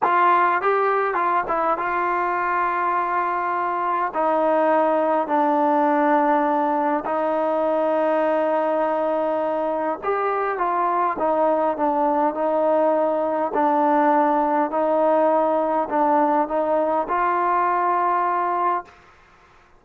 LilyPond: \new Staff \with { instrumentName = "trombone" } { \time 4/4 \tempo 4 = 102 f'4 g'4 f'8 e'8 f'4~ | f'2. dis'4~ | dis'4 d'2. | dis'1~ |
dis'4 g'4 f'4 dis'4 | d'4 dis'2 d'4~ | d'4 dis'2 d'4 | dis'4 f'2. | }